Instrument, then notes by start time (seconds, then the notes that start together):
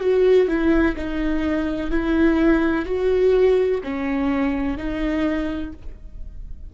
viola
0.00 F#4
0.48 E4
0.97 D#4
1.90 E4
2.86 F#4
3.84 C#4
4.77 D#4